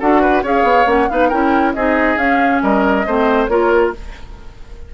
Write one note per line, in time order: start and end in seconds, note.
0.00 0.44 D4
0.00 0.44 F#4
0.00 0.22 A4
0.00 0.44 F#5
0.22 0.43 B4
0.43 0.63 C#4
0.43 0.86 G#4
0.43 1.09 C#5
0.43 0.90 F5
0.63 0.85 B3
0.86 1.08 A#3
0.86 1.08 C#4
0.86 1.09 F#5
1.09 1.32 B3
1.09 1.32 D#4
1.09 1.29 B4
1.09 1.30 F5
1.29 1.76 C#4
1.29 1.76 E4
1.29 1.73 A#4
1.29 1.74 G5
1.74 2.17 C4
1.74 2.17 D#4
1.74 2.63 G#4
1.74 2.18 D#5
2.17 2.61 C#4
2.17 3.05 C#4
2.17 2.62 F5
2.63 3.07 G3
2.63 3.07 A#4
2.63 3.47 D#5
3.07 3.49 A3
3.07 3.50 C4
3.07 3.51 C5
3.47 3.93 A#3
3.47 3.93 F4
3.47 3.94 A#4
3.47 3.91 C#5